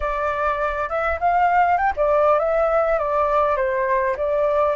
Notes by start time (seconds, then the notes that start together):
0.00 D5
0.89 E5
1.19 F5
1.77 G5
1.96 D5
2.39 E5
2.98 D5
3.56 C5
4.17 D5